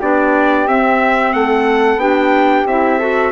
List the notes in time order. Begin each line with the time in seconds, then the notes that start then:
0.00 B3 D4 G4 D5
0.67 C4 E5
1.33 A3 A4 F#5
1.96 B3 D4 G4 G5
2.66 C4 E4 E5
2.98 F#4 A4